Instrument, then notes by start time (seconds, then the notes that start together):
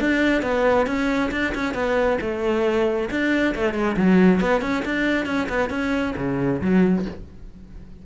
cello
0.00 D4
0.42 B3
0.86 C#4
1.31 D4
1.55 C#4
1.74 B3
2.21 A3
3.10 D4
3.55 A3
3.73 G#3
3.96 F#3
4.40 B3
4.61 C#4
4.85 D4
5.25 C#4
5.48 B3
5.70 C#4
6.16 C#3
6.61 F#3